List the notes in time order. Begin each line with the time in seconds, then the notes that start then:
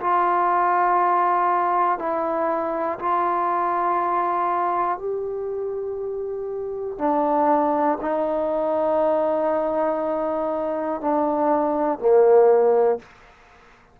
0.00 F4
1.99 E4
2.99 F4
4.98 G4
6.99 D4
8.01 D#4
11.01 D4
11.99 A#3